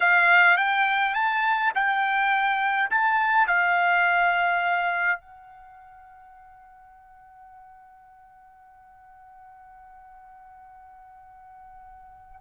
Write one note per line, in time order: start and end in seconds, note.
0.00 0.57 F5
0.57 1.14 G5
1.14 1.72 A5
1.74 2.90 G5
2.90 3.47 A5
3.47 5.20 F5
5.20 12.41 F#5